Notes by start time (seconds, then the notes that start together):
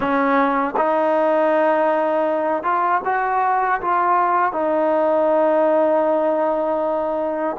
0.00 C#4
0.76 D#4
2.63 F4
3.04 F#4
3.81 F4
4.52 D#4